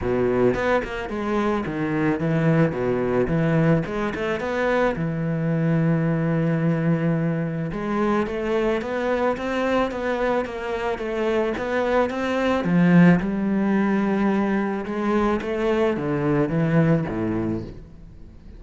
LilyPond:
\new Staff \with { instrumentName = "cello" } { \time 4/4 \tempo 4 = 109 b,4 b8 ais8 gis4 dis4 | e4 b,4 e4 gis8 a8 | b4 e2.~ | e2 gis4 a4 |
b4 c'4 b4 ais4 | a4 b4 c'4 f4 | g2. gis4 | a4 d4 e4 a,4 | }